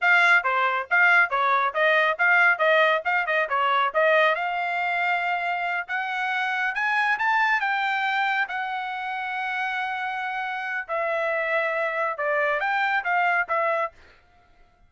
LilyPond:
\new Staff \with { instrumentName = "trumpet" } { \time 4/4 \tempo 4 = 138 f''4 c''4 f''4 cis''4 | dis''4 f''4 dis''4 f''8 dis''8 | cis''4 dis''4 f''2~ | f''4. fis''2 gis''8~ |
gis''8 a''4 g''2 fis''8~ | fis''1~ | fis''4 e''2. | d''4 g''4 f''4 e''4 | }